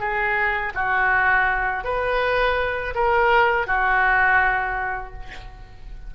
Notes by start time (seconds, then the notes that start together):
0.00 G#4
0.75 F#4
1.85 B4
2.95 A#4
3.67 F#4